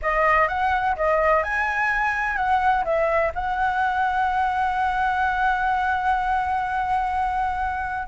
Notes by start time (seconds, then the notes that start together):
0.02 D#5
0.48 F#5
0.95 D#5
1.43 G#5
2.36 F#5
2.84 E5
3.35 F#5